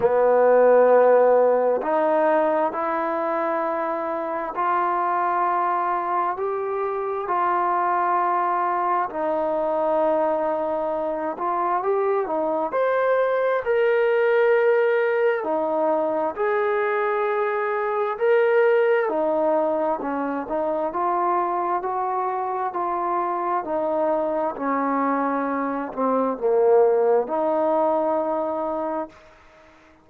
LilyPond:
\new Staff \with { instrumentName = "trombone" } { \time 4/4 \tempo 4 = 66 b2 dis'4 e'4~ | e'4 f'2 g'4 | f'2 dis'2~ | dis'8 f'8 g'8 dis'8 c''4 ais'4~ |
ais'4 dis'4 gis'2 | ais'4 dis'4 cis'8 dis'8 f'4 | fis'4 f'4 dis'4 cis'4~ | cis'8 c'8 ais4 dis'2 | }